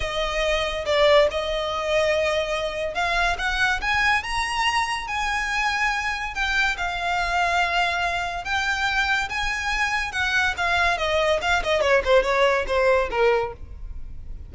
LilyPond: \new Staff \with { instrumentName = "violin" } { \time 4/4 \tempo 4 = 142 dis''2 d''4 dis''4~ | dis''2. f''4 | fis''4 gis''4 ais''2 | gis''2. g''4 |
f''1 | g''2 gis''2 | fis''4 f''4 dis''4 f''8 dis''8 | cis''8 c''8 cis''4 c''4 ais'4 | }